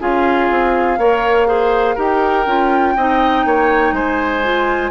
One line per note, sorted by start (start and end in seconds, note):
0.00 0.50 C#4
0.00 0.98 F4
0.00 0.99 G#4
0.00 1.99 F5
0.50 0.98 C4
0.98 1.97 A#3
0.98 1.47 A#4
0.98 1.48 C#5
1.47 1.96 G#4
1.47 1.95 C5
1.95 2.47 D#4
1.95 2.46 G4
1.95 2.94 A#4
1.95 3.94 G5
2.47 2.96 C#4
2.47 2.97 F4
2.97 3.45 C4
2.97 4.44 D#4
2.97 3.46 D#5
3.45 3.93 A#3
3.45 3.95 C#5
3.93 4.91 G#3
3.93 4.91 C5
3.93 4.91 G#5
4.44 4.91 F4